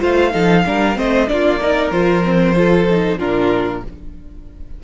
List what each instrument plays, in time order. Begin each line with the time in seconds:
0.00 cello A3, viola F4, violin C5 F5
0.31 cello F3, viola D#4, violin A4
0.65 cello G3, viola D4, violin A#4
0.95 cello A3, viola C4, violin C5 D#5
1.28 cello A#3, viola D4, violin F4 D5
1.60 viola D#4, violin A#4
1.90 cello F3, viola F4, violin C5
2.24 viola C4
2.55 viola F4, violin A4
2.90 viola D#4
3.19 cello A#2, viola D4, violin F4 A#4